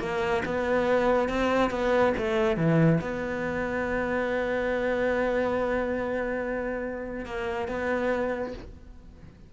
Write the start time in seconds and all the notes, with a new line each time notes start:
0.00 A#3
0.45 B3
1.29 C4
1.71 B3
2.18 A3
2.57 E3
3.01 B3
7.26 A#3
7.68 B3